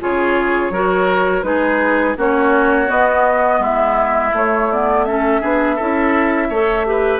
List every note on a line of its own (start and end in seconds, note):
0.00 0.70 C#3
0.00 0.72 F4
0.00 0.73 G#4
0.00 1.43 C#5
0.70 1.43 F#3
0.70 1.43 F#4
0.70 1.45 A#4
1.43 2.16 G#3
1.43 2.15 D#4
1.43 2.18 G#4
1.43 2.16 B4
2.18 2.90 A#3
2.18 2.87 C#4
2.18 3.61 F#4
2.18 2.91 C#5
2.87 4.32 B3
2.87 3.59 B3
2.87 3.63 D#5
3.59 4.32 G#3
3.59 5.05 E4
3.59 4.35 E5
4.33 4.69 A3
4.33 5.42 A3
4.33 4.72 C#5
4.72 5.08 B3
4.72 5.05 D5
5.05 5.42 C#4
5.05 5.41 A4
5.05 7.20 E5
5.41 5.80 B3
5.41 5.78 D4
5.41 5.76 G#4
5.76 6.50 C#4
5.76 6.53 E4
5.76 6.48 A4
6.50 7.20 A3
6.50 6.86 A4
6.50 6.86 C#5
6.86 7.20 G4
6.86 7.20 B4